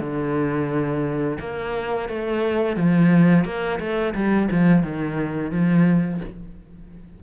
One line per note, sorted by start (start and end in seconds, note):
0.00 1.38 D3
1.40 2.08 A#3
2.08 2.76 A3
2.76 3.45 F3
3.45 3.79 A#3
3.79 4.14 A3
4.14 4.49 G3
4.51 4.83 F3
4.83 5.51 D#3
5.51 6.20 F3